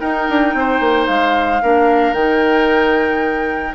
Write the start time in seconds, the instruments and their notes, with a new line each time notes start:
0.00 clarinet D#4, bassoon D#4, oboe A#4, flute G5
0.29 bassoon D4
0.54 bassoon C4, oboe C5
0.80 bassoon A#3
1.06 bassoon G#3, flute F5
1.62 bassoon A#3, clarinet D4, oboe A#4
2.13 bassoon D#3, clarinet D#4, flute G5